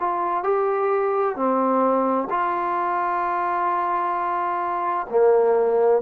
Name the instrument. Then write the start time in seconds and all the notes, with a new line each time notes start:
trombone
0.00 F4
0.44 G4
1.36 C4
2.30 F4
5.10 A#3